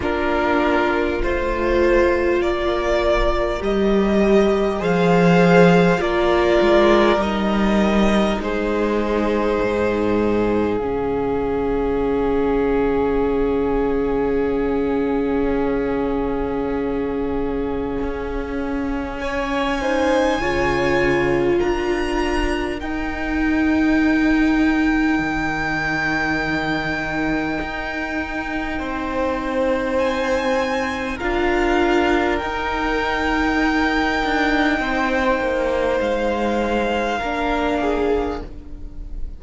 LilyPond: <<
  \new Staff \with { instrumentName = "violin" } { \time 4/4 \tempo 4 = 50 ais'4 c''4 d''4 dis''4 | f''4 d''4 dis''4 c''4~ | c''4 f''2.~ | f''1 |
gis''2 ais''4 g''4~ | g''1~ | g''4 gis''4 f''4 g''4~ | g''2 f''2 | }
  \new Staff \with { instrumentName = "violin" } { \time 4/4 f'2 ais'2 | c''4 ais'2 gis'4~ | gis'1~ | gis'1 |
cis''8 c''8 cis''4 ais'2~ | ais'1 | c''2 ais'2~ | ais'4 c''2 ais'8 gis'8 | }
  \new Staff \with { instrumentName = "viola" } { \time 4/4 d'4 f'2 g'4 | gis'4 f'4 dis'2~ | dis'4 cis'2.~ | cis'1~ |
cis'8 dis'8 f'2 dis'4~ | dis'1~ | dis'2 f'4 dis'4~ | dis'2. d'4 | }
  \new Staff \with { instrumentName = "cello" } { \time 4/4 ais4 a4 ais4 g4 | f4 ais8 gis8 g4 gis4 | gis,4 cis2.~ | cis2. cis'4~ |
cis'4 cis4 d'4 dis'4~ | dis'4 dis2 dis'4 | c'2 d'4 dis'4~ | dis'8 d'8 c'8 ais8 gis4 ais4 | }
>>